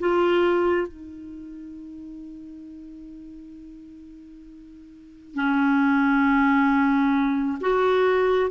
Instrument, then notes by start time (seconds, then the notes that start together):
clarinet
0.00 F4
0.88 D#4
5.35 C#4
7.61 F#4